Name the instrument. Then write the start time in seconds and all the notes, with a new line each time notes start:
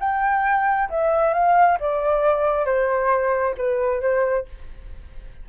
flute
0.00 G5
0.90 E5
1.34 F5
1.80 D5
2.66 C5
3.58 B4
4.01 C5